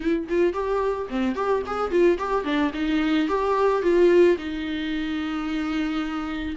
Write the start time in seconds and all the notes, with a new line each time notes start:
0.00 E4
0.29 F4
0.53 G4
1.09 C4
1.35 G4
1.66 G#4
1.90 F4
2.18 G4
2.44 D4
2.73 D#4
3.28 G4
3.82 F4
4.37 D#4